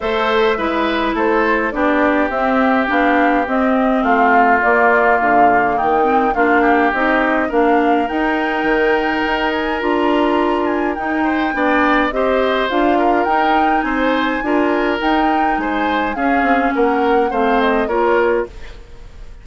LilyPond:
<<
  \new Staff \with { instrumentName = "flute" } { \time 4/4 \tempo 4 = 104 e''2 c''4 d''4 | e''4 f''4 dis''4 f''4 | d''4 f''4 g''4 f''4 | dis''4 f''4 g''2~ |
g''8 gis''8 ais''4. gis''8 g''4~ | g''4 dis''4 f''4 g''4 | gis''2 g''4 gis''4 | f''4 fis''4 f''8 dis''8 cis''4 | }
  \new Staff \with { instrumentName = "oboe" } { \time 4/4 c''4 b'4 a'4 g'4~ | g'2. f'4~ | f'2 dis'4 f'8 g'8~ | g'4 ais'2.~ |
ais'2.~ ais'8 c''8 | d''4 c''4. ais'4. | c''4 ais'2 c''4 | gis'4 ais'4 c''4 ais'4 | }
  \new Staff \with { instrumentName = "clarinet" } { \time 4/4 a'4 e'2 d'4 | c'4 d'4 c'2 | ais2~ ais8 c'8 d'4 | dis'4 d'4 dis'2~ |
dis'4 f'2 dis'4 | d'4 g'4 f'4 dis'4~ | dis'4 f'4 dis'2 | cis'2 c'4 f'4 | }
  \new Staff \with { instrumentName = "bassoon" } { \time 4/4 a4 gis4 a4 b4 | c'4 b4 c'4 a4 | ais4 d4 dis4 ais4 | c'4 ais4 dis'4 dis4 |
dis'4 d'2 dis'4 | b4 c'4 d'4 dis'4 | c'4 d'4 dis'4 gis4 | cis'8 c'8 ais4 a4 ais4 | }
>>